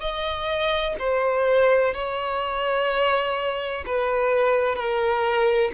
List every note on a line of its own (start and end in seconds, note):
0.00 0.95 D#5
0.98 1.94 C5
1.94 3.84 C#5
3.86 4.75 B4
4.75 5.71 A#4